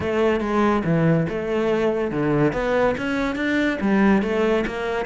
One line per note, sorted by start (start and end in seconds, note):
0.00 0.40 A3
0.40 0.82 G#3
0.84 1.26 E3
1.29 2.11 A3
2.11 2.52 D3
2.52 2.95 B3
2.97 3.35 C#4
3.35 3.78 D4
3.80 4.22 G3
4.22 4.64 A3
4.66 5.05 A#3